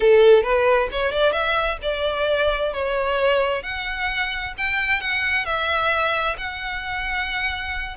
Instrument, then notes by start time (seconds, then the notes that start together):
violin
0.00 A4
0.43 B4
0.91 C#5
1.11 D5
1.32 E5
1.82 D5
2.73 C#5
3.62 F#5
4.57 G5
5.00 F#5
5.45 E5
6.37 F#5